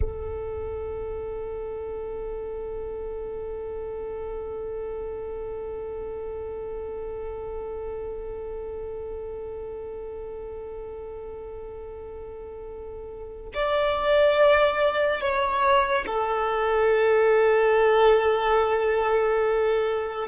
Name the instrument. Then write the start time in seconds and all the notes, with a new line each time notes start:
violin
0.00 A4
13.54 D5
15.20 C#5
16.06 A4